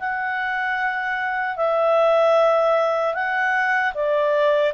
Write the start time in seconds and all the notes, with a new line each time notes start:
0.00 F#5
1.57 E5
3.15 F#5
3.95 D5